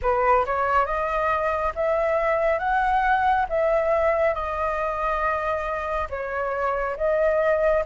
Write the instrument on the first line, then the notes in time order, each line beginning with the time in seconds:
flute
0.02 B4
0.45 C#5
0.85 D#5
1.75 E5
2.58 F#5
3.49 E5
4.34 D#5
6.09 C#5
6.96 D#5